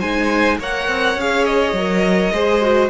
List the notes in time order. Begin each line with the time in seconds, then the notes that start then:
0.00 G#3 D#4 C5 G#5
0.60 A#3 A#4 C#5 F#5
0.89 C4
1.16 C#4 G#4 F5
1.45 D#5
1.73 F#3 A#4
2.33 G#3 G#4 C5
2.62 F#4